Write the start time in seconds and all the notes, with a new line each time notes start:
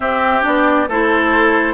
0.00 C4 G4 E5
0.42 B3 D4 D5
0.88 A3 E4 A4 C5